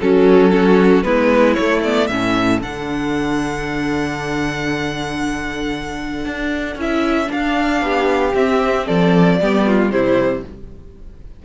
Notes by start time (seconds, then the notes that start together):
0.00 F#3 C#4 A4
0.50 C#4 F#4
1.03 G#3 B3 E4 B4
1.54 A3 C#5
1.83 B3 D5
2.07 A2 C#4 A4 E5
2.62 D3 D4 F#5
6.25 D4
6.75 C#4 E4 E5
7.26 D4 F5
7.32 D4
7.81 B3 G4
8.34 C4 E5
8.86 F3 A4 D5
9.40 G3 B3 G4
9.67 F4
9.90 C3 G3 E4 C5